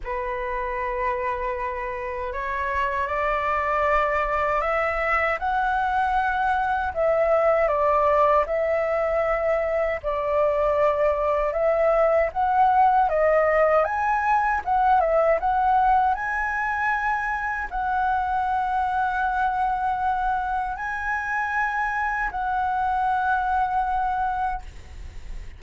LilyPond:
\new Staff \with { instrumentName = "flute" } { \time 4/4 \tempo 4 = 78 b'2. cis''4 | d''2 e''4 fis''4~ | fis''4 e''4 d''4 e''4~ | e''4 d''2 e''4 |
fis''4 dis''4 gis''4 fis''8 e''8 | fis''4 gis''2 fis''4~ | fis''2. gis''4~ | gis''4 fis''2. | }